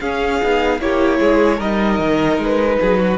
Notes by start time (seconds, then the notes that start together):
0.00 C#4 G#4 F5
0.42 B3 D#4
0.79 A#3 E4 G4 C#5
1.19 G#3 G#4
1.57 G3 D#4 A#4 D#5
1.99 D#3
2.38 G#3 B4
2.80 F#3 G#4
2.98 F#4